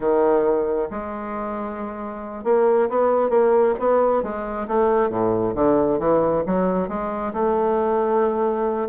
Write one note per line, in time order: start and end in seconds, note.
0.00 0.88 D#3
0.90 2.44 G#3
2.44 2.88 A#3
2.89 3.29 B3
3.29 3.74 A#3
3.79 4.22 B3
4.22 4.67 G#3
4.67 5.09 A3
5.09 5.54 A2
5.55 5.99 D3
5.99 6.43 E3
6.46 6.88 F#3
6.88 7.33 G#3
7.33 8.88 A3